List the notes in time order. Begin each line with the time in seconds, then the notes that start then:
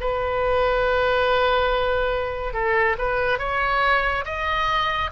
0.00 B4
2.53 A4
2.98 B4
3.39 C#5
4.25 D#5